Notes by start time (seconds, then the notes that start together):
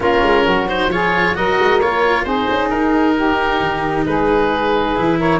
0.00 A#3 C#4 F4 A#4
0.22 G#3
0.45 F#3 F#4
0.68 D#4 C5
0.88 F3 F4 G#4 C#5
1.35 F#3 F#4 A#4 D#5
1.59 G#3
1.80 A#3 F4 C#5
2.23 C4 D#4 G#4 C5
2.49 C#4
2.69 D#4 A#4
3.16 G4
3.59 D#3
4.05 G#3 G#4 B4
4.95 E3 E4
5.17 A#4 C#5